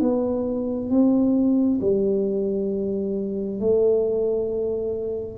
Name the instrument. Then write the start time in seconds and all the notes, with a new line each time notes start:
tuba
0.00 B3
0.90 C4
1.81 G3
3.60 A3